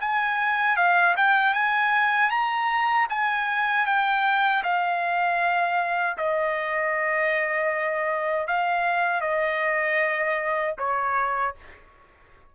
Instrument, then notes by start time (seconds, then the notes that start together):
trumpet
0.00 G#5
0.77 F5
1.16 G5
1.54 G#5
2.30 A#5
3.09 G#5
3.86 G5
4.63 F5
6.17 D#5
8.47 F5
9.21 D#5
10.78 C#5